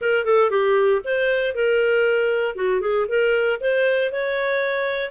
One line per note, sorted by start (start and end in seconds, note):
0.01 0.24 A#4
0.24 0.50 A4
0.50 1.01 G4
1.04 1.55 C5
1.55 2.55 A#4
2.55 2.81 F#4
2.81 3.06 G#4
3.08 3.59 A#4
3.60 4.11 C5
4.11 5.11 C#5